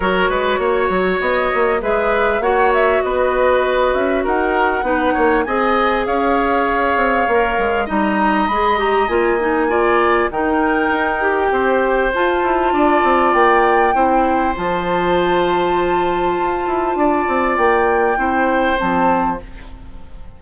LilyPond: <<
  \new Staff \with { instrumentName = "flute" } { \time 4/4 \tempo 4 = 99 cis''2 dis''4 e''4 | fis''8 e''8 dis''4. e''8 fis''4~ | fis''4 gis''4 f''2~ | f''4 ais''4 b''8 ais''8 gis''4~ |
gis''4 g''2. | a''2 g''2 | a''1~ | a''4 g''2 a''4 | }
  \new Staff \with { instrumentName = "oboe" } { \time 4/4 ais'8 b'8 cis''2 b'4 | cis''4 b'2 ais'4 | b'8 cis''8 dis''4 cis''2~ | cis''4 dis''2. |
d''4 ais'2 c''4~ | c''4 d''2 c''4~ | c''1 | d''2 c''2 | }
  \new Staff \with { instrumentName = "clarinet" } { \time 4/4 fis'2. gis'4 | fis'1 | dis'4 gis'2. | ais'4 dis'4 gis'8 g'8 f'8 dis'8 |
f'4 dis'4. g'4. | f'2. e'4 | f'1~ | f'2 e'4 c'4 | }
  \new Staff \with { instrumentName = "bassoon" } { \time 4/4 fis8 gis8 ais8 fis8 b8 ais8 gis4 | ais4 b4. cis'8 dis'4 | b8 ais8 c'4 cis'4. c'8 | ais8 gis8 g4 gis4 ais4~ |
ais4 dis4 dis'4 c'4 | f'8 e'8 d'8 c'8 ais4 c'4 | f2. f'8 e'8 | d'8 c'8 ais4 c'4 f4 | }
>>